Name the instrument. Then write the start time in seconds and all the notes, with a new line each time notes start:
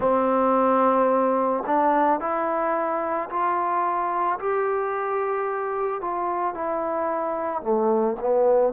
trombone
0.00 C4
1.66 D4
2.20 E4
3.29 F4
4.39 G4
6.00 F4
6.54 E4
7.62 A3
8.20 B3